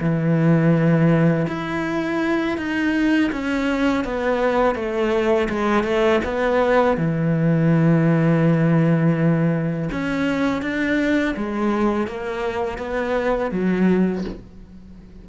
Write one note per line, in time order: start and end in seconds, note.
0.00 1.46 E3
1.47 2.57 E4
2.57 3.30 D#4
3.32 4.04 C#4
4.04 4.75 B3
4.75 5.48 A3
5.49 5.83 G#3
5.83 6.20 A3
6.24 6.97 B3
6.97 9.89 E3
9.91 10.62 C#4
10.62 11.35 D4
11.36 12.07 G#3
12.07 12.78 A#3
12.78 13.51 B3
13.51 14.24 F#3